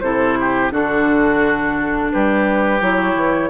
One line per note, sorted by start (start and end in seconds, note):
0.00 0.71 C3
0.00 0.70 E4
0.00 0.38 A4
0.00 0.70 C5
0.40 0.72 G4
0.70 2.11 D3
0.70 2.80 D4
0.70 2.12 F#4
0.70 2.11 A4
2.12 2.81 G3
2.12 3.49 G4
2.12 2.81 B4
2.81 3.15 F#3
2.81 3.49 E4
2.81 3.49 C#5
3.15 3.49 E3